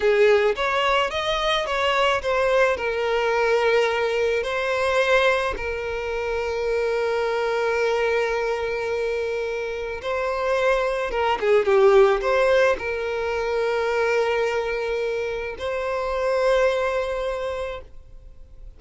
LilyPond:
\new Staff \with { instrumentName = "violin" } { \time 4/4 \tempo 4 = 108 gis'4 cis''4 dis''4 cis''4 | c''4 ais'2. | c''2 ais'2~ | ais'1~ |
ais'2 c''2 | ais'8 gis'8 g'4 c''4 ais'4~ | ais'1 | c''1 | }